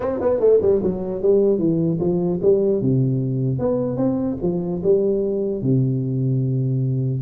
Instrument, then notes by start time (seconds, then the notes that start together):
tuba
0.00 C4
0.20 B3
0.40 A3
0.61 G3
0.83 F#3
1.21 G3
1.58 E3
1.99 F3
2.42 G3
2.81 C3
3.59 B3
3.97 C4
4.41 F3
4.83 G3
5.61 C3